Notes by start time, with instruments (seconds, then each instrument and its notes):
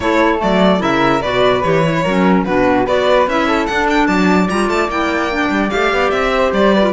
0.00 cello A3, clarinet E4, flute A4, violin C#5
0.38 cello F#3, clarinet A3, violin D5
0.79 cello C#3, clarinet E4, flute A#4, violin E5
1.21 cello B2, clarinet F#4, flute B4, violin D5
1.62 cello E3, clarinet G4, violin C#5
1.82 clarinet E4
2.03 cello F#3, clarinet C#4, flute A#4
2.44 cello B2, clarinet D4, flute F#4, violin B4
2.85 cello B3, clarinet F#4, flute B4, violin D5
3.27 cello C#4, clarinet E4, violin E5
3.47 flute A4
3.66 cello D4, clarinet D4, violin F#5
3.89 violin G5
4.07 cello F#3, flute D5, violin A5
4.49 cello G3, clarinet F4, violin A#5
4.69 cello A3, violin A5
4.87 cello A#3, clarinet E4, violin G5
5.30 clarinet D4
5.50 cello G3
5.69 cello A3, clarinet G4, violin F5
5.92 cello B3
6.10 cello C4, violin E5
6.37 flute C5
6.52 cello G3, violin D5
6.74 flute B4
6.81 clarinet F4